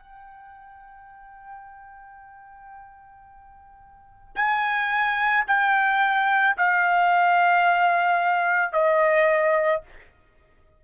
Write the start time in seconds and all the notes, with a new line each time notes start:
0.00 G5
4.36 G#5
5.48 G5
6.58 F5
8.73 D#5